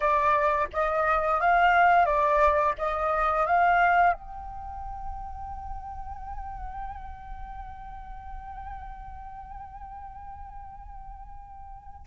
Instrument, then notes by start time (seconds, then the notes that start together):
flute
0.00 D5
0.72 D#5
1.40 F5
2.05 D5
2.77 D#5
3.46 F5
4.13 G5